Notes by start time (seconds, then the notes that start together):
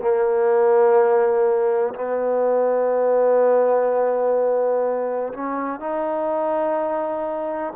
0.00 A#3
1.94 B3
5.33 C#4
5.79 D#4